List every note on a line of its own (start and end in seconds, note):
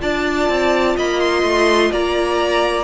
0.00 0.49 D4
0.00 2.84 F4
0.00 0.96 D5
0.00 0.97 A5
0.49 0.96 C4
0.96 1.43 A#3
0.96 1.91 D#5
0.96 1.20 B5
1.20 1.91 C6
1.43 1.90 A3
1.91 2.84 A#3
1.91 2.84 D5
1.91 2.84 A#5